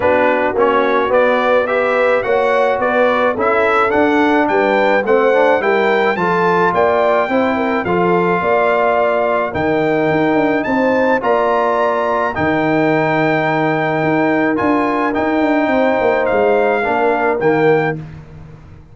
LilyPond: <<
  \new Staff \with { instrumentName = "trumpet" } { \time 4/4 \tempo 4 = 107 b'4 cis''4 d''4 e''4 | fis''4 d''4 e''4 fis''4 | g''4 fis''4 g''4 a''4 | g''2 f''2~ |
f''4 g''2 a''4 | ais''2 g''2~ | g''2 gis''4 g''4~ | g''4 f''2 g''4 | }
  \new Staff \with { instrumentName = "horn" } { \time 4/4 fis'2. b'4 | cis''4 b'4 a'2 | b'4 c''4 ais'4 a'4 | d''4 c''8 ais'8 a'4 d''4~ |
d''4 ais'2 c''4 | d''2 ais'2~ | ais'1 | c''2 ais'2 | }
  \new Staff \with { instrumentName = "trombone" } { \time 4/4 d'4 cis'4 b4 g'4 | fis'2 e'4 d'4~ | d'4 c'8 d'8 e'4 f'4~ | f'4 e'4 f'2~ |
f'4 dis'2. | f'2 dis'2~ | dis'2 f'4 dis'4~ | dis'2 d'4 ais4 | }
  \new Staff \with { instrumentName = "tuba" } { \time 4/4 b4 ais4 b2 | ais4 b4 cis'4 d'4 | g4 a4 g4 f4 | ais4 c'4 f4 ais4~ |
ais4 dis4 dis'8 d'8 c'4 | ais2 dis2~ | dis4 dis'4 d'4 dis'8 d'8 | c'8 ais8 gis4 ais4 dis4 | }
>>